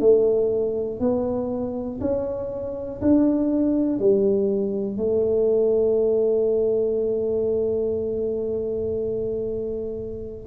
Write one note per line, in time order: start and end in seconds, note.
0.00 1.00 A3
1.00 2.00 B3
2.01 3.01 C#4
3.01 3.99 D4
3.99 4.97 G3
4.97 10.47 A3